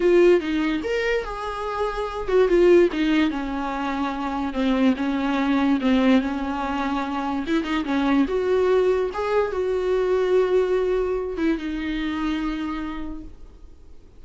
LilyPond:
\new Staff \with { instrumentName = "viola" } { \time 4/4 \tempo 4 = 145 f'4 dis'4 ais'4 gis'4~ | gis'4. fis'8 f'4 dis'4 | cis'2. c'4 | cis'2 c'4 cis'4~ |
cis'2 e'8 dis'8 cis'4 | fis'2 gis'4 fis'4~ | fis'2.~ fis'8 e'8 | dis'1 | }